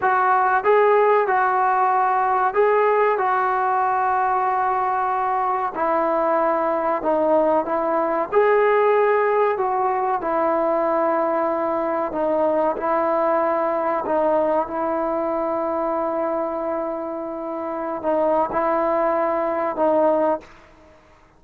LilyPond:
\new Staff \with { instrumentName = "trombone" } { \time 4/4 \tempo 4 = 94 fis'4 gis'4 fis'2 | gis'4 fis'2.~ | fis'4 e'2 dis'4 | e'4 gis'2 fis'4 |
e'2. dis'4 | e'2 dis'4 e'4~ | e'1~ | e'16 dis'8. e'2 dis'4 | }